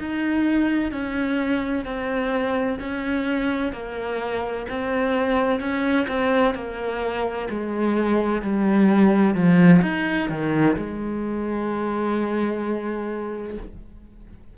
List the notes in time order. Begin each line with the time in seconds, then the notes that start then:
0.00 D#4
0.92 C#4
1.85 C4
2.80 C#4
3.73 A#3
4.70 C4
5.60 C#4
6.08 C4
6.55 A#3
7.50 G#3
8.42 G3
9.35 F3
9.82 D#4
10.29 D#3
10.76 G#3